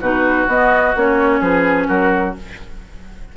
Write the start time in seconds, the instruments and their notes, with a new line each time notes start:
0.00 bassoon B2, clarinet D#4, oboe F#4, flute B4
0.48 bassoon B3, clarinet B3, flute D#5
0.96 bassoon A#3, clarinet C#4, flute C#5
1.41 bassoon F3, oboe G#4, flute B4
1.88 bassoon F#3, oboe F#4, flute A#4